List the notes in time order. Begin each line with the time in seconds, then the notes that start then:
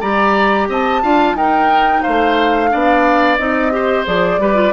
0.00 G3 G4 D5 A#5
0.68 C4 D#5 A5
1.03 D4 F4 F5
1.34 D#4 A#4 G5
2.03 A3 C5 F5
2.70 B3 D4 D5
3.37 C4 D#4 D#5
3.71 G4 C5
4.06 F3 G#4 D5
4.38 G3 G4 B4
4.55 F4